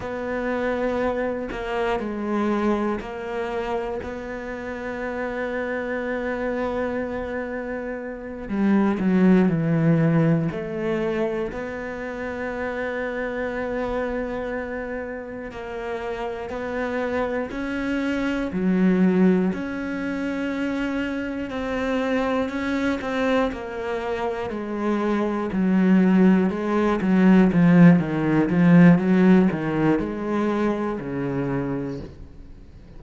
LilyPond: \new Staff \with { instrumentName = "cello" } { \time 4/4 \tempo 4 = 60 b4. ais8 gis4 ais4 | b1~ | b8 g8 fis8 e4 a4 b8~ | b2.~ b8 ais8~ |
ais8 b4 cis'4 fis4 cis'8~ | cis'4. c'4 cis'8 c'8 ais8~ | ais8 gis4 fis4 gis8 fis8 f8 | dis8 f8 fis8 dis8 gis4 cis4 | }